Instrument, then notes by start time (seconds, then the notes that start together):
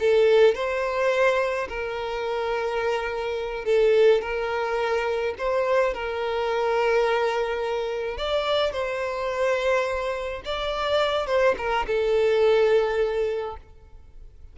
violin
0.00 A4
0.55 C5
1.69 A#4
3.65 A4
4.22 A#4
5.39 C5
5.94 A#4
8.18 D5
8.72 C5
10.45 D5
11.27 C5
11.58 A#4
11.87 A4